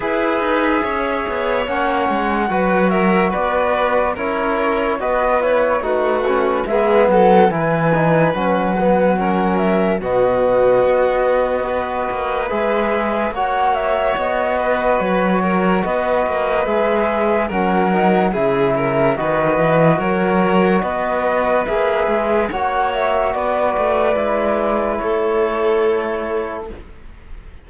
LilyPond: <<
  \new Staff \with { instrumentName = "flute" } { \time 4/4 \tempo 4 = 72 e''2 fis''4. e''8 | d''4 cis''4 dis''8 cis''8 b'4 | e''8 fis''8 gis''4 fis''4. e''8 | dis''2. e''4 |
fis''8 e''8 dis''4 cis''4 dis''4 | e''4 fis''4 e''4 dis''4 | cis''4 dis''4 e''4 fis''8 e''8 | d''2 cis''2 | }
  \new Staff \with { instrumentName = "violin" } { \time 4/4 b'4 cis''2 b'8 ais'8 | b'4 ais'4 b'4 fis'4 | gis'8 a'8 b'2 ais'4 | fis'2 b'2 |
cis''4. b'4 ais'8 b'4~ | b'4 ais'4 gis'8 ais'8 b'4 | ais'4 b'2 cis''4 | b'2 a'2 | }
  \new Staff \with { instrumentName = "trombone" } { \time 4/4 gis'2 cis'4 fis'4~ | fis'4 e'4 fis'8 e'8 dis'8 cis'8 | b4 e'8 dis'8 cis'8 b8 cis'4 | b2 fis'4 gis'4 |
fis'1 | gis'4 cis'8 dis'8 e'4 fis'4~ | fis'2 gis'4 fis'4~ | fis'4 e'2. | }
  \new Staff \with { instrumentName = "cello" } { \time 4/4 e'8 dis'8 cis'8 b8 ais8 gis8 fis4 | b4 cis'4 b4 a4 | gis8 fis8 e4 fis2 | b,4 b4. ais8 gis4 |
ais4 b4 fis4 b8 ais8 | gis4 fis4 cis4 dis8 e8 | fis4 b4 ais8 gis8 ais4 | b8 a8 gis4 a2 | }
>>